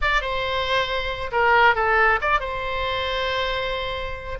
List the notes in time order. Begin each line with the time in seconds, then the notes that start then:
0.01 D5
0.21 C5
1.31 A#4
1.75 A4
2.21 D5
2.40 C5